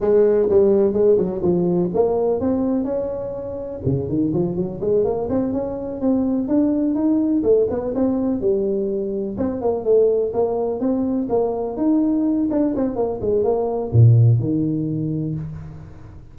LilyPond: \new Staff \with { instrumentName = "tuba" } { \time 4/4 \tempo 4 = 125 gis4 g4 gis8 fis8 f4 | ais4 c'4 cis'2 | cis8 dis8 f8 fis8 gis8 ais8 c'8 cis'8~ | cis'8 c'4 d'4 dis'4 a8 |
b8 c'4 g2 c'8 | ais8 a4 ais4 c'4 ais8~ | ais8 dis'4. d'8 c'8 ais8 gis8 | ais4 ais,4 dis2 | }